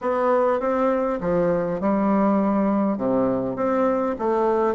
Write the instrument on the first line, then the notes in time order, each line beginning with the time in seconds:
bassoon
0.01 B3
0.60 C4
1.20 F3
1.80 G3
2.97 C3
3.56 C4
4.18 A3